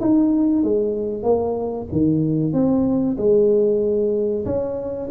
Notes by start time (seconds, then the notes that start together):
0.00 D#4
0.63 G#3
1.23 A#3
1.91 D#3
2.53 C4
3.17 G#3
4.45 C#4